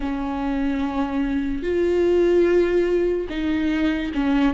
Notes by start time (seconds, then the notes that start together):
0.00 C#4
1.62 F4
3.29 D#4
4.14 C#4